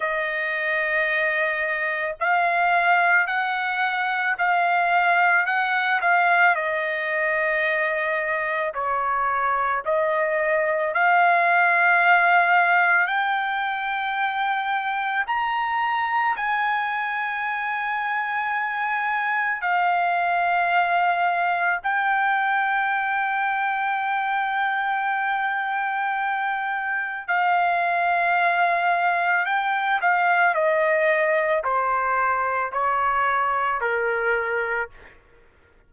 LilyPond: \new Staff \with { instrumentName = "trumpet" } { \time 4/4 \tempo 4 = 55 dis''2 f''4 fis''4 | f''4 fis''8 f''8 dis''2 | cis''4 dis''4 f''2 | g''2 ais''4 gis''4~ |
gis''2 f''2 | g''1~ | g''4 f''2 g''8 f''8 | dis''4 c''4 cis''4 ais'4 | }